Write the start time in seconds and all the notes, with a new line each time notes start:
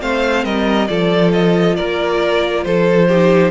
0.00 A3 C4 C5 F5
0.45 G3 A#4 D#5
0.87 F3 F4 A4 D5
1.33 D#5
1.76 A#3 A#4 D5
2.64 F3 A4 C5
3.09 D#4 G4